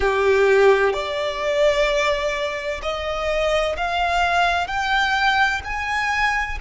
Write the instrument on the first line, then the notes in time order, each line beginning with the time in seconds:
violin
0.00 G4
0.93 D5
2.82 D#5
3.76 F5
4.67 G5
5.64 G#5